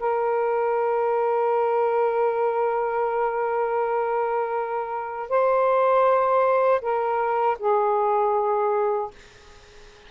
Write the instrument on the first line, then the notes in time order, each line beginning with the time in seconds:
saxophone
0.00 A#4
5.30 C5
6.81 A#4
7.59 G#4